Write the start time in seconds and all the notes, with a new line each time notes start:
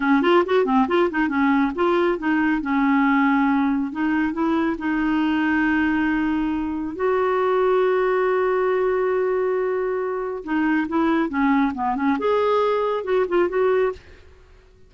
0.00 C#4
0.22 F4
0.45 F#4
0.65 C4
0.87 F4
1.10 D#4
1.28 C#4
1.75 F4
2.18 D#4
2.61 C#4
3.92 D#4
4.33 E4
4.78 D#4
6.95 F#4
10.43 D#4
10.88 E4
11.29 C#4
11.74 B3
11.95 C#4
12.18 G#4
13.03 F#4
13.28 F4
13.48 F#4